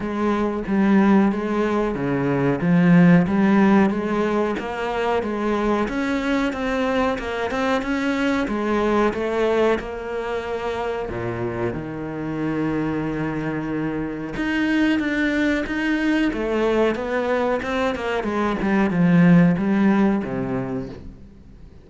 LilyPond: \new Staff \with { instrumentName = "cello" } { \time 4/4 \tempo 4 = 92 gis4 g4 gis4 cis4 | f4 g4 gis4 ais4 | gis4 cis'4 c'4 ais8 c'8 | cis'4 gis4 a4 ais4~ |
ais4 ais,4 dis2~ | dis2 dis'4 d'4 | dis'4 a4 b4 c'8 ais8 | gis8 g8 f4 g4 c4 | }